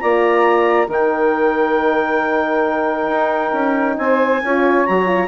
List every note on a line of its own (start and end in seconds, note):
0.00 0.88 A#3
0.00 0.88 F4
0.00 0.87 D5
0.00 0.89 A#5
0.87 3.07 D#3
0.87 4.43 D#4
0.87 3.96 A#4
0.87 3.98 G5
3.07 3.51 D#4
3.53 3.97 C#4
3.98 4.42 C4
3.98 4.43 C5
3.98 4.86 G#5
4.43 4.87 C#4
4.43 4.88 F4
4.43 5.28 C#5
4.86 5.28 F#3
4.86 5.06 F#4
4.86 5.28 A#5
5.06 5.28 F4